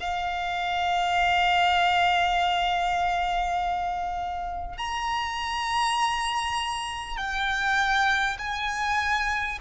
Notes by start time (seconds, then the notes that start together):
0.00 F5
4.78 A#5
7.17 G5
8.38 G#5